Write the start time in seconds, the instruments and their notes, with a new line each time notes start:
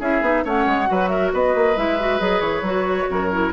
0.00 bassoon C#4, clarinet E4, oboe G#4, flute E5
0.22 bassoon B3, clarinet D#4
0.44 bassoon A3, clarinet C#4, oboe C#5, flute F#5
0.66 bassoon G#3
0.86 bassoon F#3, clarinet F#4, oboe B4
1.09 oboe A#4, flute E5
1.33 bassoon B3, oboe B4, flute D#5
1.55 bassoon A#3
1.77 bassoon G#3, clarinet E4, flute E5
1.99 clarinet F#4
2.19 bassoon F#3, clarinet G#4, flute D#5
2.41 bassoon E3, flute C#5
2.62 bassoon F#3, clarinet F#4
3.10 bassoon F#2, oboe A#4
3.32 clarinet E4